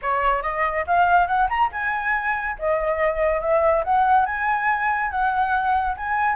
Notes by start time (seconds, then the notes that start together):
0.01 C#5
0.42 D#5
0.86 F5
1.27 F#5
1.49 A#5
1.72 G#5
2.58 D#5
3.40 E5
3.84 F#5
4.25 G#5
5.10 F#5
5.96 G#5